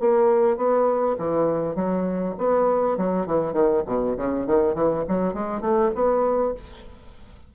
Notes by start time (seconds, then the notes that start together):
0.00 A#3
0.57 B3
1.18 E3
1.75 F#3
2.38 B3
2.97 F#3
3.26 E3
3.53 D#3
3.86 B2
4.17 C#3
4.46 D#3
4.74 E3
5.08 F#3
5.34 G#3
5.61 A3
5.95 B3